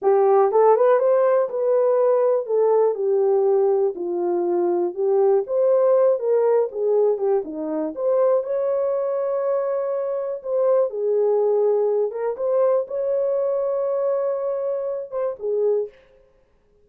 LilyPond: \new Staff \with { instrumentName = "horn" } { \time 4/4 \tempo 4 = 121 g'4 a'8 b'8 c''4 b'4~ | b'4 a'4 g'2 | f'2 g'4 c''4~ | c''8 ais'4 gis'4 g'8 dis'4 |
c''4 cis''2.~ | cis''4 c''4 gis'2~ | gis'8 ais'8 c''4 cis''2~ | cis''2~ cis''8 c''8 gis'4 | }